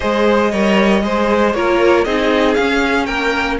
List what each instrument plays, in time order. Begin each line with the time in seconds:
0.00 cello G#3, viola G#4, violin C5 D#5
0.51 cello G3, viola A#4, violin C#5
1.02 cello G#3, viola G#4, violin C5
1.53 cello A#3, viola F4, violin A#4 C#5
2.04 cello C4, viola D#4, violin G#4 D#5
2.54 cello C#4, viola C#4, violin F5
3.05 cello A#3, violin A#4 G5